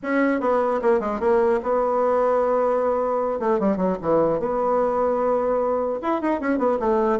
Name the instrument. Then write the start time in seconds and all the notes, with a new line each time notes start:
bassoon
0.02 C#4
0.40 B3
0.81 A#3
1.00 G#3
1.19 A#3
1.63 B3
3.39 A3
3.59 G3
3.76 F#3
4.01 E3
4.39 B3
6.02 E4
6.21 D#4
6.40 C#4
6.58 B3
6.79 A3